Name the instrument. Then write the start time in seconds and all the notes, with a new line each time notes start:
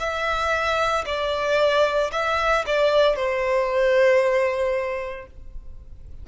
violin
0.00 E5
1.06 D5
2.12 E5
2.67 D5
3.16 C5